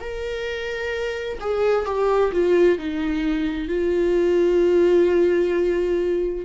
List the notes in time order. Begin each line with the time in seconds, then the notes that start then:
0.00 A#4
1.40 G#4
1.85 G4
2.32 F4
2.78 D#4
3.68 F4